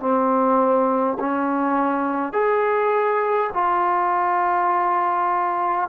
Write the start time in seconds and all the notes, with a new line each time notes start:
0.00 C4
1.20 C#4
2.33 G#4
3.53 F4